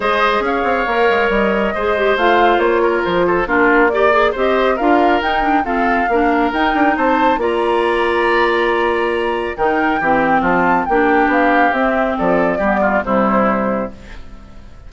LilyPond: <<
  \new Staff \with { instrumentName = "flute" } { \time 4/4 \tempo 4 = 138 dis''4 f''2 dis''4~ | dis''4 f''4 cis''4 c''4 | ais'4 d''4 dis''4 f''4 | g''4 f''2 g''4 |
a''4 ais''2.~ | ais''2 g''2 | a''4 g''4 f''4 e''4 | d''2 c''2 | }
  \new Staff \with { instrumentName = "oboe" } { \time 4/4 c''4 cis''2. | c''2~ c''8 ais'4 a'8 | f'4 d''4 c''4 ais'4~ | ais'4 a'4 ais'2 |
c''4 d''2.~ | d''2 ais'4 g'4 | f'4 g'2. | a'4 g'8 f'8 e'2 | }
  \new Staff \with { instrumentName = "clarinet" } { \time 4/4 gis'2 ais'2 | gis'8 g'8 f'2. | d'4 g'8 gis'8 g'4 f'4 | dis'8 d'8 c'4 d'4 dis'4~ |
dis'4 f'2.~ | f'2 dis'4 c'4~ | c'4 d'2 c'4~ | c'4 b4 g2 | }
  \new Staff \with { instrumentName = "bassoon" } { \time 4/4 gis4 cis'8 c'8 ais8 gis8 g4 | gis4 a4 ais4 f4 | ais2 c'4 d'4 | dis'4 f'4 ais4 dis'8 d'8 |
c'4 ais2.~ | ais2 dis4 e4 | f4 ais4 b4 c'4 | f4 g4 c2 | }
>>